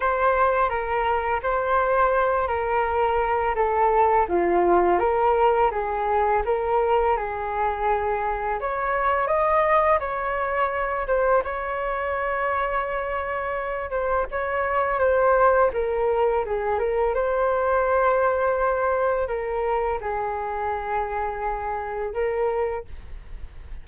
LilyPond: \new Staff \with { instrumentName = "flute" } { \time 4/4 \tempo 4 = 84 c''4 ais'4 c''4. ais'8~ | ais'4 a'4 f'4 ais'4 | gis'4 ais'4 gis'2 | cis''4 dis''4 cis''4. c''8 |
cis''2.~ cis''8 c''8 | cis''4 c''4 ais'4 gis'8 ais'8 | c''2. ais'4 | gis'2. ais'4 | }